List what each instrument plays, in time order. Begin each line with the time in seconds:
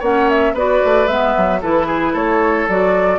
0.00 bassoon A#3, clarinet C#4, oboe C#5, flute F#5
0.30 flute E5
0.54 bassoon B3, clarinet F#4, oboe B4, flute D5
0.85 bassoon A3
1.08 bassoon G#3, clarinet B3, flute E5
1.37 bassoon F#3
1.62 bassoon E3, clarinet E4, oboe A4, flute B4
1.87 oboe G#4
2.13 bassoon A3, oboe A4, flute C#5
2.68 bassoon F#3, clarinet F#4, flute D5